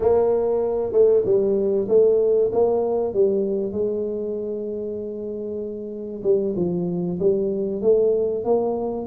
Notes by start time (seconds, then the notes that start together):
0.00 A#3
0.92 A3
1.25 G3
1.88 A3
2.52 A#3
3.13 G3
3.72 G#3
6.23 G3
6.56 F3
7.19 G3
7.81 A3
8.44 A#3